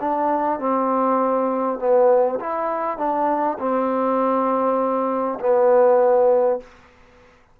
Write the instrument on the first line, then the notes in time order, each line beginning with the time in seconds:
trombone
0.00 D4
0.59 C4
1.79 B3
2.40 E4
2.98 D4
3.59 C4
5.40 B3